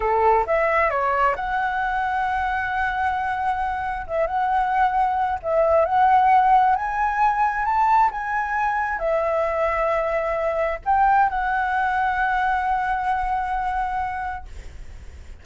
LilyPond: \new Staff \with { instrumentName = "flute" } { \time 4/4 \tempo 4 = 133 a'4 e''4 cis''4 fis''4~ | fis''1~ | fis''4 e''8 fis''2~ fis''8 | e''4 fis''2 gis''4~ |
gis''4 a''4 gis''2 | e''1 | g''4 fis''2.~ | fis''1 | }